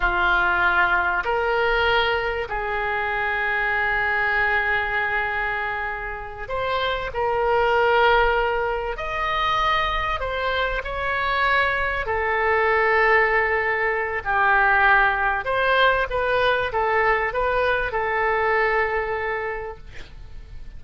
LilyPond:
\new Staff \with { instrumentName = "oboe" } { \time 4/4 \tempo 4 = 97 f'2 ais'2 | gis'1~ | gis'2~ gis'8 c''4 ais'8~ | ais'2~ ais'8 dis''4.~ |
dis''8 c''4 cis''2 a'8~ | a'2. g'4~ | g'4 c''4 b'4 a'4 | b'4 a'2. | }